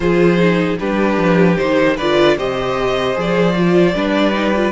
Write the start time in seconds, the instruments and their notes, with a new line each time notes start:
0.00 cello F3, viola F4, violin G#4 C5
0.37 viola D#4
0.79 cello G3, viola D4, violin G4 B4
1.17 cello F3
1.56 cello D#3, viola D#4, violin C5
1.96 cello D3, viola F4, violin B4 D5
2.37 cello C3, viola G4, violin C5 D#5
3.14 cello F3, viola G#4, violin D5
3.54 viola F4
3.93 cello G3, viola D4, violin B4
4.32 viola D#4
4.55 viola F4